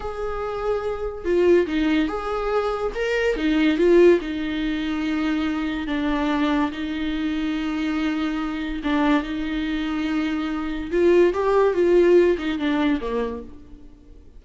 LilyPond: \new Staff \with { instrumentName = "viola" } { \time 4/4 \tempo 4 = 143 gis'2. f'4 | dis'4 gis'2 ais'4 | dis'4 f'4 dis'2~ | dis'2 d'2 |
dis'1~ | dis'4 d'4 dis'2~ | dis'2 f'4 g'4 | f'4. dis'8 d'4 ais4 | }